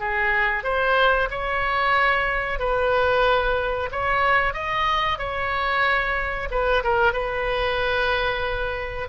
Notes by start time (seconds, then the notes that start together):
0.00 G#4
0.64 C5
1.30 C#5
2.59 B4
3.92 C#5
4.54 D#5
5.18 C#5
6.51 B4
6.84 A#4
7.13 B4